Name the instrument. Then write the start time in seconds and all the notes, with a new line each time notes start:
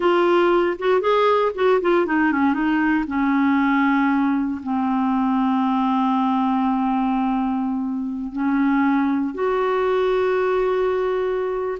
clarinet
0.00 F4
0.78 F#4
1.00 G#4
1.55 F#4
1.81 F4
2.06 D#4
2.31 C#4
2.53 D#4
3.07 C#4
4.63 C4
8.32 C#4
9.34 F#4